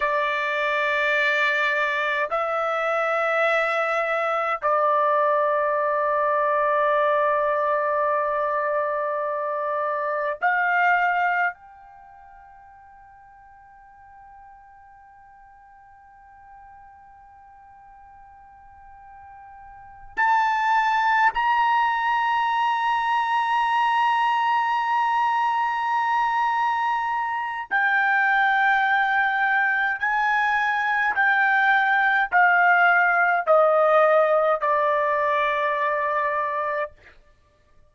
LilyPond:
\new Staff \with { instrumentName = "trumpet" } { \time 4/4 \tempo 4 = 52 d''2 e''2 | d''1~ | d''4 f''4 g''2~ | g''1~ |
g''4. a''4 ais''4.~ | ais''1 | g''2 gis''4 g''4 | f''4 dis''4 d''2 | }